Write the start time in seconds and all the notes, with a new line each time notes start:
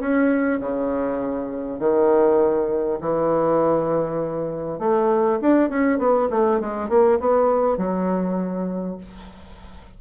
0.00 C#4
0.60 C#3
1.79 D#3
3.01 E3
4.79 A3
5.41 D4
5.69 C#4
5.99 B3
6.30 A3
6.60 G#3
6.89 A#3
7.20 B3
7.78 F#3